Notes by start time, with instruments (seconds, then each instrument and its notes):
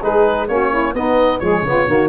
0.00 tuba G#3, trombone D#4, saxophone G#4, oboe B4
0.47 tuba A#3, trombone C#4, saxophone F#4, oboe C#5
0.70 saxophone E4
0.93 tuba B3, trombone B3, saxophone D#4, oboe D#5
1.39 tuba F3, trombone G#3, saxophone G#4, oboe C#5
1.62 tuba C#3, trombone B3, saxophone F4
1.87 tuba D#3, trombone A#3, saxophone F#4